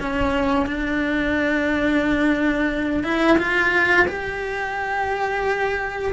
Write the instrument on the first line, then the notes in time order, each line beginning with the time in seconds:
cello
0.00 C#4
0.66 D4
3.03 E4
3.38 F4
4.08 G4